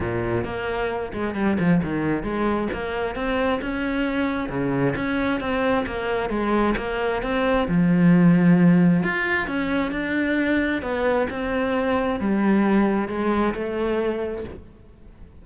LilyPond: \new Staff \with { instrumentName = "cello" } { \time 4/4 \tempo 4 = 133 ais,4 ais4. gis8 g8 f8 | dis4 gis4 ais4 c'4 | cis'2 cis4 cis'4 | c'4 ais4 gis4 ais4 |
c'4 f2. | f'4 cis'4 d'2 | b4 c'2 g4~ | g4 gis4 a2 | }